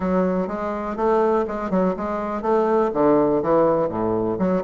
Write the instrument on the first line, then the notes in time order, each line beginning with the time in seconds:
bassoon
0.00 F#3
0.47 G#3
0.96 A3
1.47 G#3
1.70 F#3
1.96 G#3
2.41 A3
2.93 D3
3.42 E3
3.88 A2
4.38 F#3